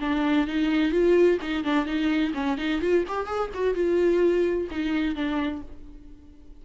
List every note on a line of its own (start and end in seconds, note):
0.00 0.47 D4
0.47 0.92 D#4
0.92 1.38 F4
1.42 1.64 D#4
1.64 1.85 D4
1.85 2.32 D#4
2.34 2.57 C#4
2.58 2.81 D#4
2.81 3.04 F4
3.08 3.26 G4
3.26 3.50 G#4
3.54 3.74 F#4
3.74 4.68 F4
4.71 5.15 D#4
5.15 5.62 D4